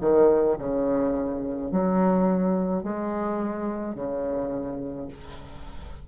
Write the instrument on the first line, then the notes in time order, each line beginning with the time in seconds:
bassoon
0.00 D#3
0.59 C#3
1.71 F#3
2.83 G#3
3.95 C#3